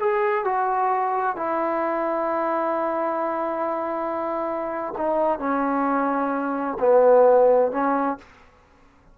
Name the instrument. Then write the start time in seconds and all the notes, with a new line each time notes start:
trombone
0.00 G#4
0.45 F#4
1.37 E4
4.98 D#4
5.39 C#4
6.80 B3
7.72 C#4